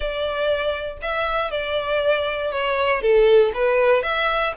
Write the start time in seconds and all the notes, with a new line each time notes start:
0.00 D5
1.02 E5
1.51 D5
2.51 C#5
3.01 A4
3.54 B4
4.02 E5